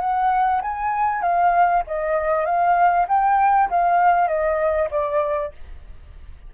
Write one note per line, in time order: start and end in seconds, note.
0.00 0.61 F#5
0.62 1.22 G#5
1.22 1.83 F5
1.87 2.45 D#5
2.45 3.07 F5
3.08 3.69 G5
3.70 4.27 F5
4.27 4.89 D#5
4.90 5.52 D5